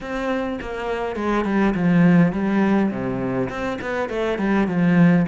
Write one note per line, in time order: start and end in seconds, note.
0.00 0.59 C4
0.61 1.16 A#3
1.16 1.44 G#3
1.44 1.73 G3
1.74 2.32 F3
2.32 2.90 G3
2.90 3.49 C3
3.49 3.78 C4
3.81 4.09 B3
4.09 4.38 A3
4.38 4.67 G3
4.67 5.26 F3